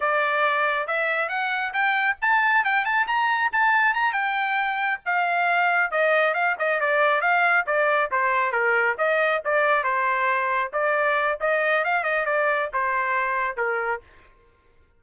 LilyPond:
\new Staff \with { instrumentName = "trumpet" } { \time 4/4 \tempo 4 = 137 d''2 e''4 fis''4 | g''4 a''4 g''8 a''8 ais''4 | a''4 ais''8 g''2 f''8~ | f''4. dis''4 f''8 dis''8 d''8~ |
d''8 f''4 d''4 c''4 ais'8~ | ais'8 dis''4 d''4 c''4.~ | c''8 d''4. dis''4 f''8 dis''8 | d''4 c''2 ais'4 | }